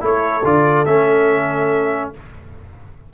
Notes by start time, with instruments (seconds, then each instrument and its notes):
0.00 tuba A3, trombone E4, horn A4, trumpet C#5
0.44 tuba D3, trombone F4, trumpet D5
0.85 tuba A3, trombone C#4, trumpet E5